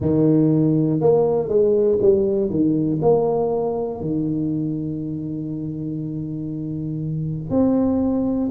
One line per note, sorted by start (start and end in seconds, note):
0.00 1.00 D#3
1.00 1.48 A#3
1.48 1.98 G#3
2.01 2.50 G3
2.50 3.00 D#3
3.01 4.00 A#3
4.00 7.50 D#3
7.50 8.50 C4